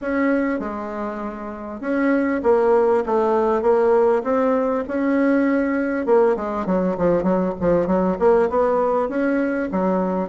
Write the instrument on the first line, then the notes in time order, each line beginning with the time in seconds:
bassoon
0.01 C#4
0.59 G#3
1.80 C#4
2.43 A#3
3.06 A3
3.61 A#3
4.23 C4
4.88 C#4
6.06 A#3
6.36 G#3
6.66 F#3
6.97 F3
7.23 F#3
7.60 F3
7.87 F#3
8.19 A#3
8.49 B3
9.08 C#4
9.71 F#3